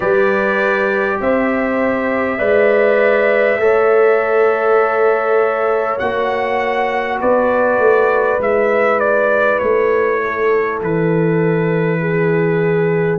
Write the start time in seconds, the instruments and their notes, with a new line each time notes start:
0.00 tuba G3, trombone G4, horn B4, trumpet D5
1.20 tuba C4, horn C5, trumpet E5
2.38 tuba G#3, trombone B4, horn D5
3.57 tuba A3, trombone A4, horn C#5
5.98 tuba A#3, trombone F#4, trumpet F#5
7.20 tuba B3, horn B4, trumpet D5
7.78 tuba A3
8.38 tuba G#3, trombone E4, trumpet E5
8.99 trumpet D5
9.58 tuba A3, trumpet C#5
10.23 horn A4
10.82 tuba E3, trumpet B4
12.00 horn G#4